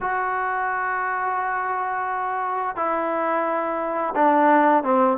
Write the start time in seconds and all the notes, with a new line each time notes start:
0.00 F#4
2.76 E4
4.15 D4
4.83 C4